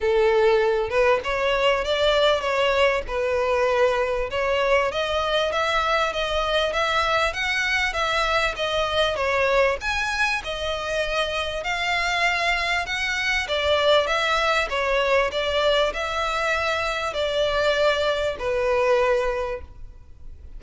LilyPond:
\new Staff \with { instrumentName = "violin" } { \time 4/4 \tempo 4 = 98 a'4. b'8 cis''4 d''4 | cis''4 b'2 cis''4 | dis''4 e''4 dis''4 e''4 | fis''4 e''4 dis''4 cis''4 |
gis''4 dis''2 f''4~ | f''4 fis''4 d''4 e''4 | cis''4 d''4 e''2 | d''2 b'2 | }